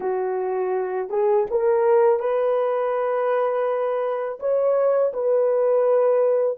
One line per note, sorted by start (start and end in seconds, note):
0.00 1.09 F#4
1.09 1.46 G#4
1.50 2.19 A#4
2.19 4.39 B4
4.39 5.12 C#5
5.13 6.58 B4